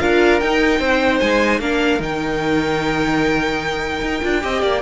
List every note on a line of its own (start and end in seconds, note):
0.00 0.42 D4
0.00 0.41 F4
0.00 0.80 A#4
0.00 0.40 F5
0.40 0.80 D#4
0.40 1.61 D#4
0.40 1.20 G5
0.80 1.20 C4
0.80 1.60 C5
1.20 1.60 G#3
1.20 1.61 G#5
1.60 2.00 A#3
1.60 2.01 D4
1.60 4.43 A#4
1.60 2.01 F5
2.00 4.01 D#3
2.00 4.22 D#4
2.00 4.82 G5
4.01 4.22 D#4
4.22 4.44 D4
4.22 4.42 F4
4.42 4.63 C4
4.42 4.82 G4
4.42 4.62 D#5
4.62 4.82 A#3
4.62 4.82 D5